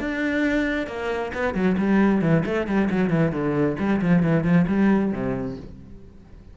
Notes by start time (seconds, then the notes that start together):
0.00 D4
0.87 A#3
1.34 B3
1.54 F#3
1.78 G3
2.21 E3
2.45 A3
2.67 G3
2.90 F#3
3.10 E3
3.32 D3
3.79 G3
4.01 F3
4.22 E3
4.44 F3
4.67 G3
5.12 C3